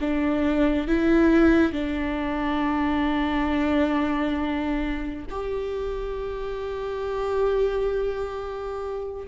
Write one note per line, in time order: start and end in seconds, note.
0.00 0.87 D4
0.87 1.72 E4
1.72 5.25 D4
5.30 9.27 G4